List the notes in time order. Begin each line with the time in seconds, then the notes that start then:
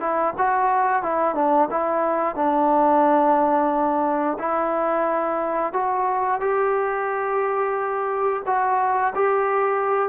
0.00 E4
0.38 F#4
1.02 E4
1.35 D4
1.70 E4
2.35 D4
4.39 E4
5.73 F#4
6.40 G4
8.46 F#4
9.14 G4